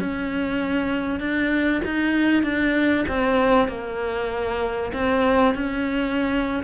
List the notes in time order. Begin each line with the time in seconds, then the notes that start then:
0.00 C#4
1.20 D4
1.85 D#4
2.43 D4
3.08 C4
3.69 A#3
4.93 C4
5.55 C#4